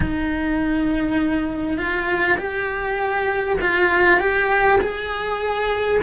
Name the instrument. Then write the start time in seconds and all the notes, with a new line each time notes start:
cello
0.00 D#4
1.77 F4
2.37 G4
3.60 F4
4.20 G4
4.80 G#4